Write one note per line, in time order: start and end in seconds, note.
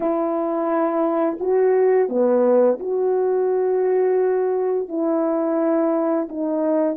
0.00 1.38 E4
1.40 2.08 F#4
2.08 2.78 B3
2.79 4.88 F#4
4.88 6.28 E4
6.28 6.96 D#4